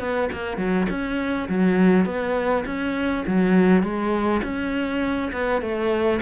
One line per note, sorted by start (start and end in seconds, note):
0.00 0.29 B3
0.33 0.57 A#3
0.57 0.87 F#3
0.90 1.49 C#4
1.49 2.06 F#3
2.06 2.65 B3
2.66 3.25 C#4
3.27 3.83 F#3
3.83 4.42 G#3
4.44 5.32 C#4
5.33 5.62 B3
5.62 6.21 A3